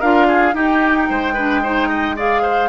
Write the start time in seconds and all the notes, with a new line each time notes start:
0.00 D4 F4 A#4 F5
0.28 G#4
0.53 D#4 G4 G5
1.09 G#3 C5
1.34 D4 B4
1.63 D#4 C5
1.89 D#5
2.16 G#4 D5 F5
2.43 C5